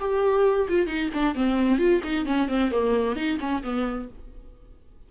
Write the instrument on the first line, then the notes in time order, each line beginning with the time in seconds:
viola
0.00 G4
0.69 F4
0.87 D#4
1.14 D4
1.35 C4
1.79 F4
2.04 D#4
2.26 C#4
2.49 C4
2.71 A#3
3.16 D#4
3.40 C#4
3.63 B3